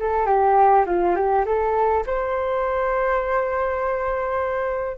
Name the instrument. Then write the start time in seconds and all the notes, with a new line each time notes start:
flute
0.00 A4
0.26 G4
0.86 F4
1.16 G4
1.46 A4
2.07 C5